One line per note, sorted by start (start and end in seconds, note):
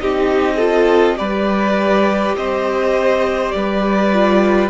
0.00 1.20 C4
0.00 0.59 D#4
0.00 0.56 G4
0.00 1.18 D#5
0.56 1.17 F4
0.56 1.15 A4
1.17 2.36 G3
1.17 4.11 G4
1.17 2.37 B4
1.17 2.36 D5
2.36 3.54 C4
2.36 3.56 C5
2.36 3.51 D#5
3.51 4.70 G3
3.51 4.70 B4
3.51 4.69 D5
4.13 4.70 F4